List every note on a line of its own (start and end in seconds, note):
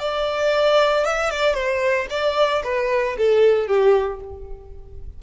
0.00 1.05 D5
1.05 1.31 E5
1.31 1.54 D5
1.54 2.07 C5
2.10 2.63 D5
2.64 3.17 B4
3.18 3.67 A4
3.67 4.20 G4